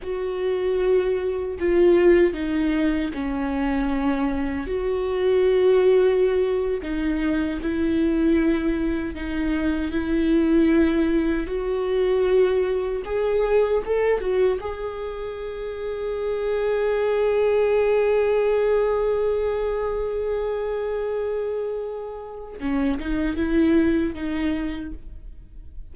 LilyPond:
\new Staff \with { instrumentName = "viola" } { \time 4/4 \tempo 4 = 77 fis'2 f'4 dis'4 | cis'2 fis'2~ | fis'8. dis'4 e'2 dis'16~ | dis'8. e'2 fis'4~ fis'16~ |
fis'8. gis'4 a'8 fis'8 gis'4~ gis'16~ | gis'1~ | gis'1~ | gis'4 cis'8 dis'8 e'4 dis'4 | }